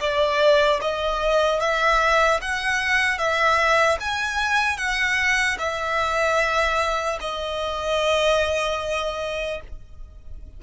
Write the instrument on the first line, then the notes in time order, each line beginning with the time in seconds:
violin
0.00 D5
0.81 D#5
1.60 E5
2.41 F#5
3.18 E5
4.00 G#5
4.77 F#5
5.59 E5
7.20 D#5